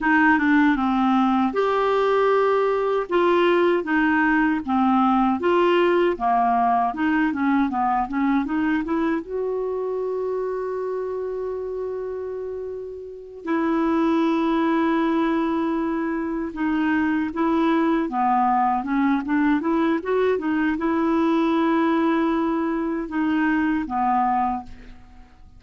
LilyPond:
\new Staff \with { instrumentName = "clarinet" } { \time 4/4 \tempo 4 = 78 dis'8 d'8 c'4 g'2 | f'4 dis'4 c'4 f'4 | ais4 dis'8 cis'8 b8 cis'8 dis'8 e'8 | fis'1~ |
fis'4. e'2~ e'8~ | e'4. dis'4 e'4 b8~ | b8 cis'8 d'8 e'8 fis'8 dis'8 e'4~ | e'2 dis'4 b4 | }